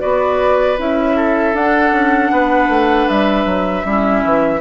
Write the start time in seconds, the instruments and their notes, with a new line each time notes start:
0.00 bassoon B3, clarinet F#4, oboe B4, flute D5
0.78 bassoon C#4, clarinet E4, flute E5
1.16 oboe A4
1.54 bassoon D4, clarinet D4, flute F#5
1.92 bassoon C#4
2.32 bassoon B3, oboe B4
2.69 bassoon A3
3.09 bassoon G3, flute E5
3.46 bassoon F#3
3.84 bassoon G3, clarinet C#4, oboe E4
4.25 bassoon E3